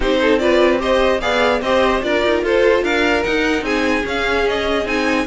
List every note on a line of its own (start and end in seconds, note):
0.00 1.21 C4
0.00 0.39 D#4
0.00 0.18 G4
0.00 0.38 C5
0.21 0.41 A4
0.38 0.78 F4
0.38 0.80 B4
0.38 0.79 D5
0.78 1.19 G4
0.78 1.21 C5
0.78 1.20 D#5
1.20 1.61 B3
1.20 1.61 G#4
1.20 1.61 D5
1.20 1.61 F5
1.61 2.01 C4
1.61 2.01 G4
1.61 2.04 C5
1.61 2.02 D#5
2.01 2.23 D4
2.01 3.23 F4
2.01 2.43 A#4
2.01 2.42 D5
2.24 2.43 D#4
2.43 2.83 F4
2.43 2.83 A4
2.43 2.84 C5
2.83 3.23 D4
2.83 3.63 A#4
2.83 3.23 F5
3.23 4.02 D#4
3.23 3.61 D#4
3.23 3.64 F#5
3.61 4.02 C4
3.61 5.25 G#4
3.61 4.05 G#5
4.02 4.83 C#4
4.02 4.85 C#4
4.02 4.48 F5
4.48 4.87 D#5
4.85 5.25 C4
4.85 5.26 D#4
4.85 5.27 G#5